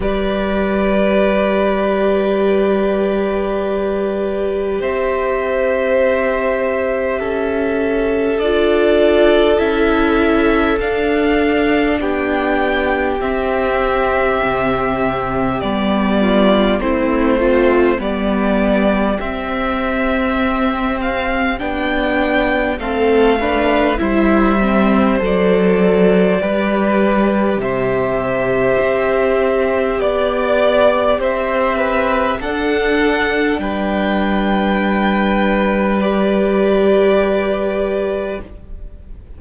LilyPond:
<<
  \new Staff \with { instrumentName = "violin" } { \time 4/4 \tempo 4 = 50 d''1 | e''2. d''4 | e''4 f''4 g''4 e''4~ | e''4 d''4 c''4 d''4 |
e''4. f''8 g''4 f''4 | e''4 d''2 e''4~ | e''4 d''4 e''4 fis''4 | g''2 d''2 | }
  \new Staff \with { instrumentName = "violin" } { \time 4/4 b'1 | c''2 a'2~ | a'2 g'2~ | g'4. f'8 e'8 c'8 g'4~ |
g'2. a'8 b'8 | c''2 b'4 c''4~ | c''4 d''4 c''8 b'8 a'4 | b'1 | }
  \new Staff \with { instrumentName = "viola" } { \time 4/4 g'1~ | g'2. f'4 | e'4 d'2 c'4~ | c'4 b4 c'8 f'8 b4 |
c'2 d'4 c'8 d'8 | e'8 c'8 a'4 g'2~ | g'2. d'4~ | d'2 g'2 | }
  \new Staff \with { instrumentName = "cello" } { \time 4/4 g1 | c'2 cis'4 d'4 | cis'4 d'4 b4 c'4 | c4 g4 a4 g4 |
c'2 b4 a4 | g4 fis4 g4 c4 | c'4 b4 c'4 d'4 | g1 | }
>>